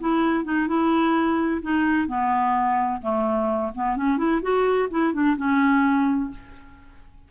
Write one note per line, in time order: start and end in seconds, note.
0.00 0.45 E4
0.45 0.68 D#4
0.68 1.61 E4
1.62 2.08 D#4
2.08 3.01 B3
3.02 3.72 A3
3.75 3.97 B3
3.97 4.17 C#4
4.17 4.41 E4
4.42 4.89 F#4
4.90 5.13 E4
5.13 5.37 D4
5.37 6.31 C#4